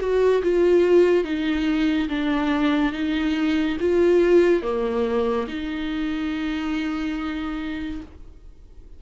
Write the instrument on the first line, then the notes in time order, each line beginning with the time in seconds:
viola
0.00 F#4
0.43 F4
1.24 D#4
2.09 D4
2.93 D#4
3.80 F4
4.63 A#3
5.48 D#4